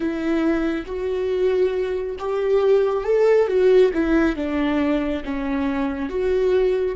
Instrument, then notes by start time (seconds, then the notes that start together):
viola
0.00 E4
0.85 F#4
2.19 G4
3.04 A4
3.47 F#4
3.93 E4
4.36 D4
5.24 C#4
6.09 F#4